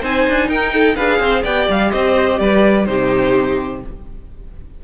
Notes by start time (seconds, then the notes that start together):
0.00 C4 D#4 C5 G#5
0.28 D4
0.48 D#4 A#4 G5
0.73 A4
0.96 D4 G#4 B4 F5
1.19 C4 C5
1.43 B3 G4 D5 G5
1.69 G3 F5
1.91 C4 C5 D#5
2.39 G3 B4 D5
2.86 C3 D#4 G4 C5